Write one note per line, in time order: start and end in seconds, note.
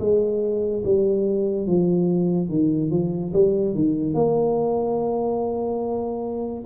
0.00 0.83 G#3
0.85 1.67 G3
1.67 2.49 F3
2.49 2.91 D#3
2.91 3.33 F3
3.34 3.75 G3
3.75 4.14 D#3
4.14 6.64 A#3